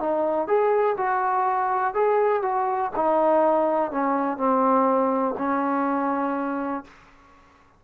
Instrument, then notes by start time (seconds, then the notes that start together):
trombone
0.00 D#4
0.47 G#4
0.97 F#4
1.94 G#4
2.42 F#4
2.96 D#4
3.91 C#4
4.38 C4
5.38 C#4